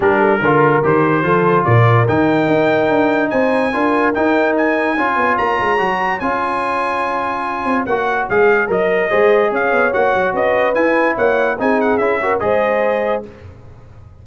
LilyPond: <<
  \new Staff \with { instrumentName = "trumpet" } { \time 4/4 \tempo 4 = 145 ais'2 c''2 | d''4 g''2. | gis''2 g''4 gis''4~ | gis''4 ais''2 gis''4~ |
gis''2. fis''4 | f''4 dis''2 f''4 | fis''4 dis''4 gis''4 fis''4 | gis''8 fis''8 e''4 dis''2 | }
  \new Staff \with { instrumentName = "horn" } { \time 4/4 g'8 a'8 ais'2 a'4 | ais'1 | c''4 ais'2. | cis''1~ |
cis''1~ | cis''2 c''4 cis''4~ | cis''4 b'2 cis''4 | gis'4. ais'8 c''2 | }
  \new Staff \with { instrumentName = "trombone" } { \time 4/4 d'4 f'4 g'4 f'4~ | f'4 dis'2.~ | dis'4 f'4 dis'2 | f'2 fis'4 f'4~ |
f'2. fis'4 | gis'4 ais'4 gis'2 | fis'2 e'2 | dis'4 e'8 fis'8 gis'2 | }
  \new Staff \with { instrumentName = "tuba" } { \time 4/4 g4 d4 dis4 f4 | ais,4 dis4 dis'4 d'4 | c'4 d'4 dis'2 | cis'8 b8 ais8 gis8 fis4 cis'4~ |
cis'2~ cis'8 c'8 ais4 | gis4 fis4 gis4 cis'8 b8 | ais8 fis8 cis'4 e'4 ais4 | c'4 cis'4 gis2 | }
>>